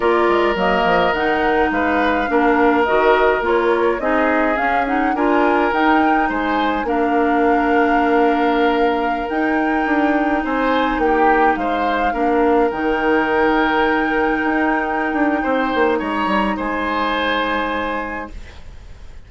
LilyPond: <<
  \new Staff \with { instrumentName = "flute" } { \time 4/4 \tempo 4 = 105 d''4 dis''4 fis''4 f''4~ | f''4 dis''4 cis''4 dis''4 | f''8 fis''8 gis''4 g''4 gis''4 | f''1~ |
f''16 g''2 gis''4 g''8.~ | g''16 f''2 g''4.~ g''16~ | g''1 | ais''4 gis''2. | }
  \new Staff \with { instrumentName = "oboe" } { \time 4/4 ais'2. b'4 | ais'2. gis'4~ | gis'4 ais'2 c''4 | ais'1~ |
ais'2~ ais'16 c''4 g'8.~ | g'16 c''4 ais'2~ ais'8.~ | ais'2. c''4 | cis''4 c''2. | }
  \new Staff \with { instrumentName = "clarinet" } { \time 4/4 f'4 ais4 dis'2 | d'4 fis'4 f'4 dis'4 | cis'8 dis'8 f'4 dis'2 | d'1~ |
d'16 dis'2.~ dis'8.~ | dis'4~ dis'16 d'4 dis'4.~ dis'16~ | dis'1~ | dis'1 | }
  \new Staff \with { instrumentName = "bassoon" } { \time 4/4 ais8 gis8 fis8 f8 dis4 gis4 | ais4 dis4 ais4 c'4 | cis'4 d'4 dis'4 gis4 | ais1~ |
ais16 dis'4 d'4 c'4 ais8.~ | ais16 gis4 ais4 dis4.~ dis16~ | dis4~ dis16 dis'4~ dis'16 d'8 c'8 ais8 | gis8 g8 gis2. | }
>>